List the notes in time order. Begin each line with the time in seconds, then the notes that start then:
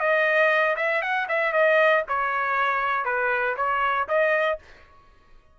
0.00 D#5
0.77 E5
1.02 F#5
1.29 E5
1.53 D#5
2.08 C#5
3.05 B4
3.57 C#5
4.09 D#5